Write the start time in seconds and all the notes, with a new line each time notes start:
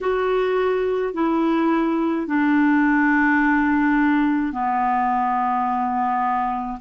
0.00 F#4
1.13 E4
2.26 D4
4.52 B3